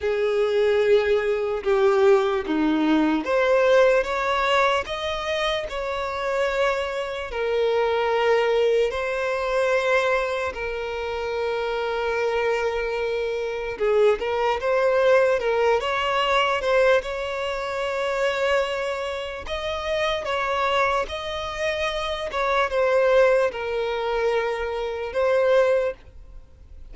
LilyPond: \new Staff \with { instrumentName = "violin" } { \time 4/4 \tempo 4 = 74 gis'2 g'4 dis'4 | c''4 cis''4 dis''4 cis''4~ | cis''4 ais'2 c''4~ | c''4 ais'2.~ |
ais'4 gis'8 ais'8 c''4 ais'8 cis''8~ | cis''8 c''8 cis''2. | dis''4 cis''4 dis''4. cis''8 | c''4 ais'2 c''4 | }